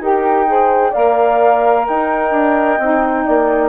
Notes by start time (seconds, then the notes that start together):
0.00 D#4 G4 A#4 G5
0.46 G#4 C5
0.90 A#3 A#4 D5 F5
1.87 D#4 D#5 G5
2.31 D4
2.79 C4 D#4
3.26 A#3 D5